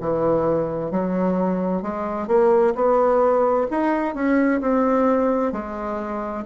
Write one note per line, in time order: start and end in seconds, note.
0.00 0.91 E3
0.91 1.82 F#3
1.82 2.27 G#3
2.27 2.74 A#3
2.75 3.67 B3
3.70 4.15 D#4
4.15 4.61 C#4
4.61 5.52 C4
5.52 6.44 G#3